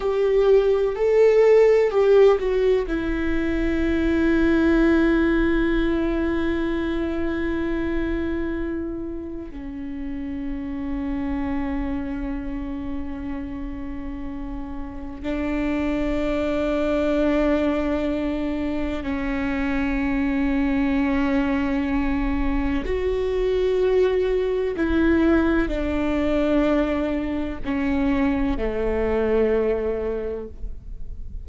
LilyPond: \new Staff \with { instrumentName = "viola" } { \time 4/4 \tempo 4 = 63 g'4 a'4 g'8 fis'8 e'4~ | e'1~ | e'2 cis'2~ | cis'1 |
d'1 | cis'1 | fis'2 e'4 d'4~ | d'4 cis'4 a2 | }